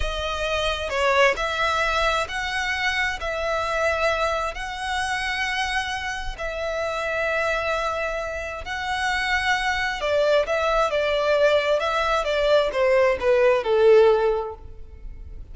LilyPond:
\new Staff \with { instrumentName = "violin" } { \time 4/4 \tempo 4 = 132 dis''2 cis''4 e''4~ | e''4 fis''2 e''4~ | e''2 fis''2~ | fis''2 e''2~ |
e''2. fis''4~ | fis''2 d''4 e''4 | d''2 e''4 d''4 | c''4 b'4 a'2 | }